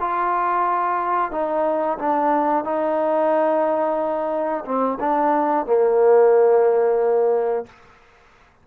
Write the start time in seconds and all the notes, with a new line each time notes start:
0.00 F4
1.31 D#4
1.98 D4
2.64 D#4
4.65 C4
5.00 D4
5.66 A#3